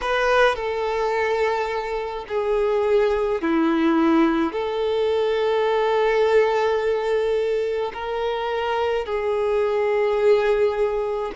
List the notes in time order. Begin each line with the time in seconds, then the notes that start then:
0.01 B4
0.55 A4
2.28 G#4
3.41 E4
4.52 A4
7.93 A#4
9.05 G#4